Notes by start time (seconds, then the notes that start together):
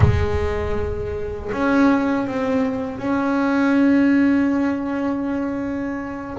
0.00 G#3
1.52 C#4
2.27 C4
2.98 C#4